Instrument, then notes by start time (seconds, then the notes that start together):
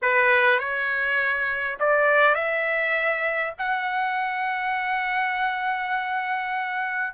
trumpet
0.02 B4
0.59 C#5
1.79 D5
2.34 E5
3.58 F#5